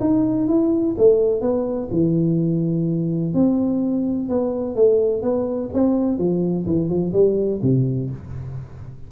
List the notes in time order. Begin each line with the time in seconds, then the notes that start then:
0.00 D#4
0.47 E4
0.97 A3
1.40 B3
1.90 E3
3.33 C4
4.29 B3
4.75 A3
5.22 B3
5.73 C4
6.18 F3
6.66 E3
6.89 F3
7.13 G3
7.62 C3